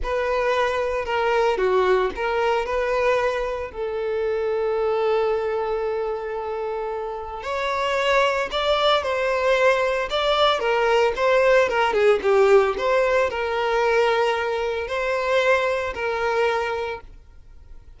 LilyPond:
\new Staff \with { instrumentName = "violin" } { \time 4/4 \tempo 4 = 113 b'2 ais'4 fis'4 | ais'4 b'2 a'4~ | a'1~ | a'2 cis''2 |
d''4 c''2 d''4 | ais'4 c''4 ais'8 gis'8 g'4 | c''4 ais'2. | c''2 ais'2 | }